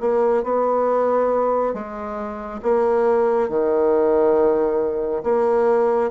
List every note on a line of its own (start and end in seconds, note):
0.00 0.43 A#3
0.43 1.74 B3
1.74 2.60 G#3
2.62 3.49 A#3
3.49 5.23 D#3
5.23 6.10 A#3